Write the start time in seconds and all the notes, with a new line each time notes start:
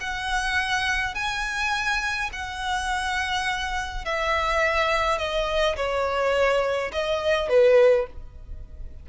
0.00 F#5
1.15 G#5
2.33 F#5
4.05 E5
5.18 D#5
5.76 C#5
6.92 D#5
7.49 B4